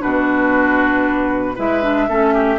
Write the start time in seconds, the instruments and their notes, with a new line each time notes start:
0.00 bassoon B2, clarinet D4, oboe F#4, flute B4
1.56 bassoon G#3, clarinet E4, oboe B4, flute E5
1.83 clarinet D4
2.09 bassoon A3, clarinet C#4, oboe A4
2.34 oboe G4